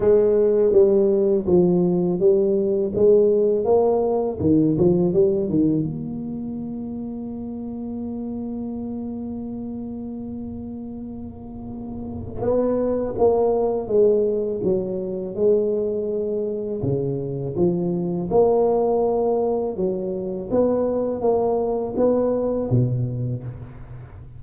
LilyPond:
\new Staff \with { instrumentName = "tuba" } { \time 4/4 \tempo 4 = 82 gis4 g4 f4 g4 | gis4 ais4 dis8 f8 g8 dis8 | ais1~ | ais1~ |
ais4 b4 ais4 gis4 | fis4 gis2 cis4 | f4 ais2 fis4 | b4 ais4 b4 b,4 | }